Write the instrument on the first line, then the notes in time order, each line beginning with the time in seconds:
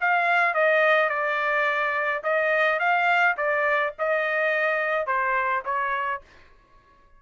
trumpet
0.00 F5
0.54 D#5
1.09 D5
2.23 D#5
2.79 F5
3.37 D5
3.98 D#5
5.06 C5
5.64 C#5